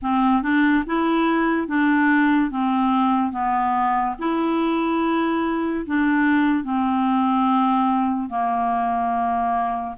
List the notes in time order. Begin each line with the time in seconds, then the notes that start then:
0.02 C4
0.42 D4
0.86 E4
1.67 D4
2.50 C4
3.31 B3
4.19 E4
5.85 D4
6.64 C4
8.29 A#3